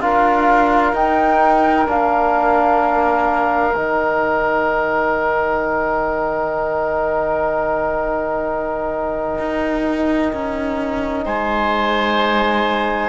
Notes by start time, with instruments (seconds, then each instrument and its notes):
0.00 cello D4, trombone F4, oboe A#4, flute F5
0.93 cello D#4, trombone D#4, flute G5
1.86 cello A#3, trombone D4, flute F5
3.74 cello D#3, trombone D#4, flute G5
9.38 cello D#4
10.33 cello C#4
11.25 cello G#3, oboe C5, flute G#5